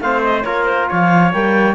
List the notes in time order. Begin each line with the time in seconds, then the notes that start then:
0.00 A3 C4 C5 F5
0.23 D#5
0.42 A#3 F4 A#4 C#5
0.64 C5
0.89 F3 C#5 F5
1.32 G3 A#3 G5